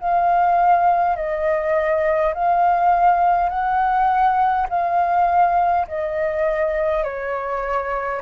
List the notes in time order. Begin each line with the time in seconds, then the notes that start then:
0.00 F5
1.16 D#5
2.34 F5
3.49 F#5
4.70 F5
5.88 D#5
7.04 C#5